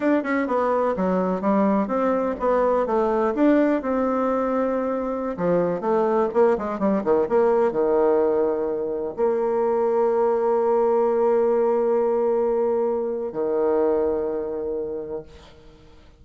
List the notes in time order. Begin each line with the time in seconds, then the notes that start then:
0.00 D4
0.23 C#4
0.47 B3
0.96 F#3
1.41 G3
1.87 C4
2.39 B3
2.86 A3
3.34 D4
3.82 C4
5.37 F3
5.80 A3
6.33 A#3
6.58 G#3
6.79 G3
7.03 D#3
7.29 A#3
7.71 D#3
9.16 A#3
13.32 D#3